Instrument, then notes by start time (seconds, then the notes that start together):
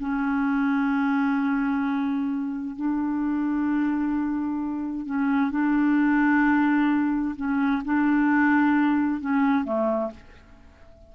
clarinet
0.00 C#4
2.77 D4
5.06 C#4
5.51 D4
7.37 C#4
7.85 D4
9.21 C#4
9.65 A3